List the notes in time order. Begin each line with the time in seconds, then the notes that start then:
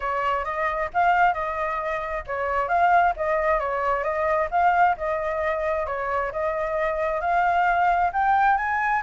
0.00 C#5
0.44 D#5
0.93 F5
1.33 D#5
2.26 C#5
2.68 F5
3.16 D#5
3.59 C#5
4.03 D#5
4.51 F5
4.97 D#5
5.86 C#5
6.32 D#5
7.21 F5
8.13 G5
8.57 G#5